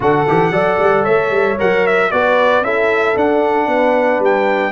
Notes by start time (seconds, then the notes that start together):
0.00 D3 F#4 A4 F#5
0.27 E3 G4
0.51 F#3 A4 D5
0.78 G3
1.03 A3 C#5 E5
1.30 G3
1.58 F#3 A#4 F#5
1.86 E5
2.11 B3 F#4 B4 D5
2.61 C#4 E4 A4 E5
3.15 D4 F#5
3.67 B3 B4
4.19 G3 G5